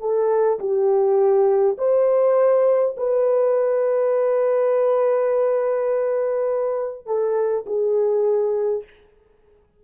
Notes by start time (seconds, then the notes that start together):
0.00 A4
0.59 G4
1.78 C5
2.97 B4
7.06 A4
7.66 G#4